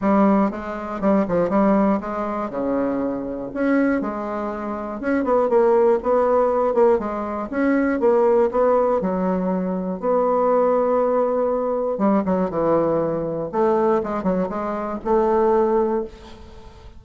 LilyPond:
\new Staff \with { instrumentName = "bassoon" } { \time 4/4 \tempo 4 = 120 g4 gis4 g8 f8 g4 | gis4 cis2 cis'4 | gis2 cis'8 b8 ais4 | b4. ais8 gis4 cis'4 |
ais4 b4 fis2 | b1 | g8 fis8 e2 a4 | gis8 fis8 gis4 a2 | }